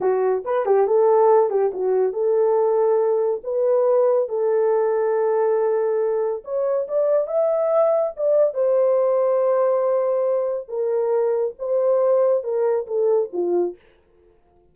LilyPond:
\new Staff \with { instrumentName = "horn" } { \time 4/4 \tempo 4 = 140 fis'4 b'8 g'8 a'4. g'8 | fis'4 a'2. | b'2 a'2~ | a'2. cis''4 |
d''4 e''2 d''4 | c''1~ | c''4 ais'2 c''4~ | c''4 ais'4 a'4 f'4 | }